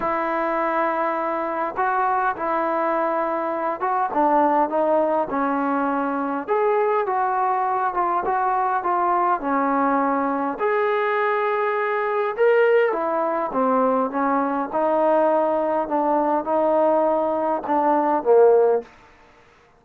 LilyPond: \new Staff \with { instrumentName = "trombone" } { \time 4/4 \tempo 4 = 102 e'2. fis'4 | e'2~ e'8 fis'8 d'4 | dis'4 cis'2 gis'4 | fis'4. f'8 fis'4 f'4 |
cis'2 gis'2~ | gis'4 ais'4 e'4 c'4 | cis'4 dis'2 d'4 | dis'2 d'4 ais4 | }